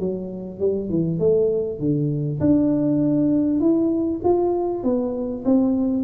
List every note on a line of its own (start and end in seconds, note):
0.00 0.60 F#3
0.60 0.90 G3
0.90 1.20 E3
1.20 1.80 A3
1.80 2.40 D3
2.41 3.61 D4
3.61 4.21 E4
4.24 4.84 F4
4.84 5.45 B3
5.45 6.04 C4